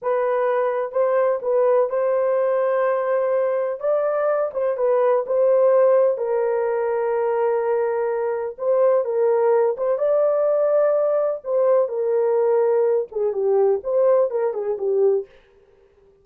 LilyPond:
\new Staff \with { instrumentName = "horn" } { \time 4/4 \tempo 4 = 126 b'2 c''4 b'4 | c''1 | d''4. c''8 b'4 c''4~ | c''4 ais'2.~ |
ais'2 c''4 ais'4~ | ais'8 c''8 d''2. | c''4 ais'2~ ais'8 gis'8 | g'4 c''4 ais'8 gis'8 g'4 | }